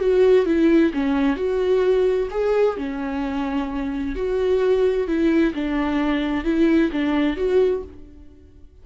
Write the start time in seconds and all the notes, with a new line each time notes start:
0.00 F#4
0.46 E4
0.94 C#4
1.37 F#4
2.31 G#4
2.77 C#4
4.16 F#4
5.08 E4
5.54 D4
6.45 E4
6.92 D4
7.37 F#4